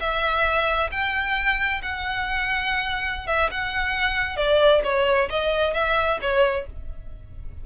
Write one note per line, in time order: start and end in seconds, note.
0.00 0.90 E5
0.92 1.82 G5
1.83 3.27 F#5
3.27 3.50 E5
3.51 4.37 F#5
4.37 4.82 D5
4.84 5.29 C#5
5.30 5.74 D#5
5.74 6.19 E5
6.22 6.67 C#5